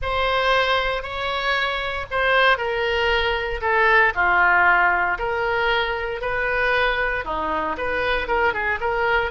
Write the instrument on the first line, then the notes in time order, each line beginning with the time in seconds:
oboe
0.02 C5
1.02 C#5
2.10 C5
2.57 A#4
3.61 A4
4.14 F4
5.18 A#4
6.21 B4
7.24 D#4
7.77 B4
8.27 A#4
8.53 G#4
8.80 A#4